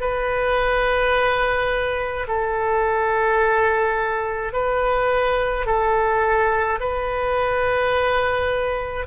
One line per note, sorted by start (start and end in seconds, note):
0.00 2.26 B4
2.27 4.53 A4
4.53 5.66 B4
5.66 6.79 A4
6.80 9.06 B4